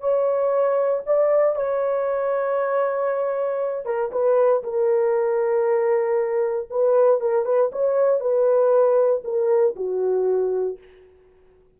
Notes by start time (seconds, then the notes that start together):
0.00 C#5
1.06 D5
1.55 C#5
3.85 A#4
4.11 B4
4.63 A#4
6.70 B4
7.20 A#4
7.45 B4
7.72 C#5
8.20 B4
9.24 A#4
9.76 F#4